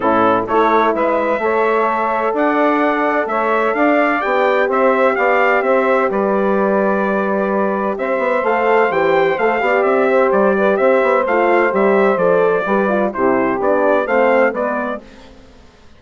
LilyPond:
<<
  \new Staff \with { instrumentName = "trumpet" } { \time 4/4 \tempo 4 = 128 a'4 cis''4 e''2~ | e''4 fis''2 e''4 | f''4 g''4 e''4 f''4 | e''4 d''2.~ |
d''4 e''4 f''4 g''4 | f''4 e''4 d''4 e''4 | f''4 e''4 d''2 | c''4 d''4 f''4 d''4 | }
  \new Staff \with { instrumentName = "saxophone" } { \time 4/4 e'4 a'4 b'4 cis''4~ | cis''4 d''2 cis''4 | d''2 c''4 d''4 | c''4 b'2.~ |
b'4 c''2.~ | c''8 d''4 c''4 b'8 c''4~ | c''2. b'4 | g'2 c''4 b'4 | }
  \new Staff \with { instrumentName = "horn" } { \time 4/4 cis'4 e'2 a'4~ | a'1~ | a'4 g'2.~ | g'1~ |
g'2 a'4 g'4 | a'8 g'2.~ g'8 | f'4 g'4 a'4 g'8 f'8 | e'4 d'4 c'4 b4 | }
  \new Staff \with { instrumentName = "bassoon" } { \time 4/4 a,4 a4 gis4 a4~ | a4 d'2 a4 | d'4 b4 c'4 b4 | c'4 g2.~ |
g4 c'8 b8 a4 e4 | a8 b8 c'4 g4 c'8 b8 | a4 g4 f4 g4 | c4 b4 a4 gis4 | }
>>